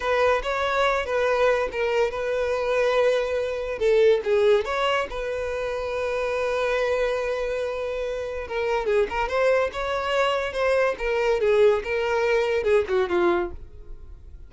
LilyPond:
\new Staff \with { instrumentName = "violin" } { \time 4/4 \tempo 4 = 142 b'4 cis''4. b'4. | ais'4 b'2.~ | b'4 a'4 gis'4 cis''4 | b'1~ |
b'1 | ais'4 gis'8 ais'8 c''4 cis''4~ | cis''4 c''4 ais'4 gis'4 | ais'2 gis'8 fis'8 f'4 | }